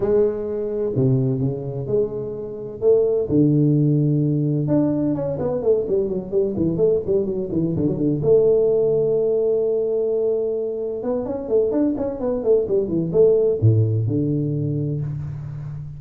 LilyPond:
\new Staff \with { instrumentName = "tuba" } { \time 4/4 \tempo 4 = 128 gis2 c4 cis4 | gis2 a4 d4~ | d2 d'4 cis'8 b8 | a8 g8 fis8 g8 e8 a8 g8 fis8 |
e8 d16 fis16 d8 a2~ a8~ | a2.~ a8 b8 | cis'8 a8 d'8 cis'8 b8 a8 g8 e8 | a4 a,4 d2 | }